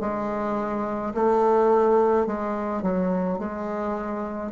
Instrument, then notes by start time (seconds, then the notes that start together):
bassoon
0.00 G#3
1.14 A3
2.26 G#3
2.82 F#3
3.39 G#3